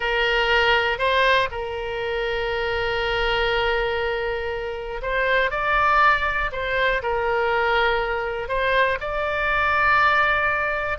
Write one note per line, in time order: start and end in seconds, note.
0.00 0.98 A#4
0.98 1.48 C5
1.51 5.01 A#4
5.02 5.50 C5
5.50 6.50 D5
6.52 7.02 C5
7.02 8.48 A#4
8.48 8.98 C5
9.00 10.98 D5